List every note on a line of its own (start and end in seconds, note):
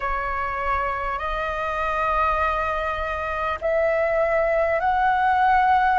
0.00 1.18 C#5
1.18 3.58 D#5
3.61 4.79 E5
4.79 5.99 F#5